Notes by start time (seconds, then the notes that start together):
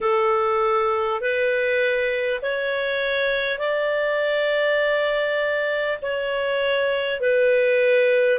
0.00 A4
1.20 B4
2.42 C#5
3.58 D5
6.02 C#5
7.20 B4